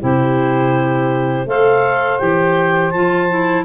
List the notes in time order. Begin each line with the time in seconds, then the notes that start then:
0.00 C3 E4 G4 C5
1.46 A3 A4 C5 F5
2.19 E3 G4 G5
2.91 F3 F4 A5
3.30 E4